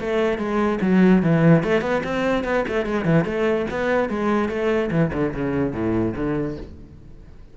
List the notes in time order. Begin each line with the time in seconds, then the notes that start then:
0.00 A3
0.38 G#3
0.81 F#3
1.23 E3
1.64 A3
1.82 B3
2.04 C4
2.44 B3
2.68 A3
2.86 G#3
3.05 E3
3.25 A3
3.71 B3
4.09 G#3
4.49 A3
4.91 E3
5.13 D3
5.34 C#3
5.73 A2
6.16 D3